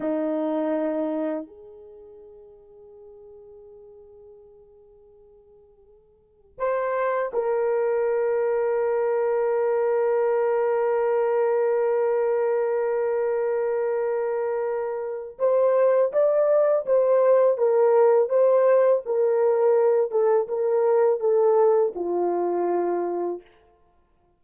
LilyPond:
\new Staff \with { instrumentName = "horn" } { \time 4/4 \tempo 4 = 82 dis'2 gis'2~ | gis'1~ | gis'4 c''4 ais'2~ | ais'1~ |
ais'1~ | ais'4 c''4 d''4 c''4 | ais'4 c''4 ais'4. a'8 | ais'4 a'4 f'2 | }